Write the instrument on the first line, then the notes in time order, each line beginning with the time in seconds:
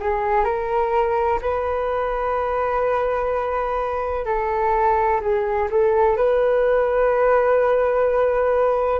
flute
0.00 G#4
0.44 A#4
1.41 B4
4.25 A4
5.21 G#4
5.70 A4
6.16 B4